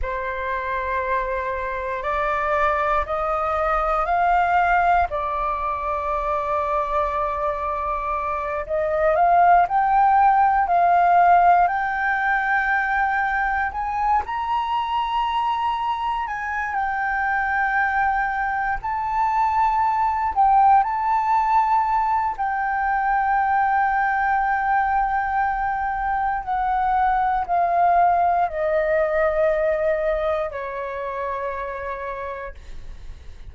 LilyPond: \new Staff \with { instrumentName = "flute" } { \time 4/4 \tempo 4 = 59 c''2 d''4 dis''4 | f''4 d''2.~ | d''8 dis''8 f''8 g''4 f''4 g''8~ | g''4. gis''8 ais''2 |
gis''8 g''2 a''4. | g''8 a''4. g''2~ | g''2 fis''4 f''4 | dis''2 cis''2 | }